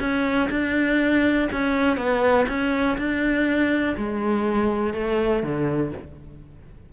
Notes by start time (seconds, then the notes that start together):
0.00 C#4
0.51 D4
1.52 C#4
1.97 B3
2.48 C#4
2.98 D4
3.97 G#3
4.94 A3
5.43 D3